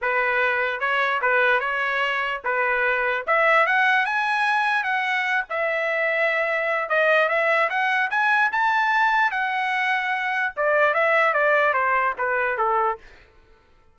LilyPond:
\new Staff \with { instrumentName = "trumpet" } { \time 4/4 \tempo 4 = 148 b'2 cis''4 b'4 | cis''2 b'2 | e''4 fis''4 gis''2 | fis''4. e''2~ e''8~ |
e''4 dis''4 e''4 fis''4 | gis''4 a''2 fis''4~ | fis''2 d''4 e''4 | d''4 c''4 b'4 a'4 | }